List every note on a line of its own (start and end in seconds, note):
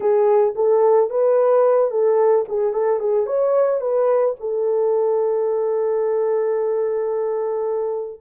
0.00 0.54 G#4
0.55 1.10 A4
1.10 1.90 B4
1.90 2.45 A4
2.48 2.73 G#4
2.73 2.99 A4
2.99 3.26 G#4
3.26 3.81 C#5
3.81 4.35 B4
4.40 8.20 A4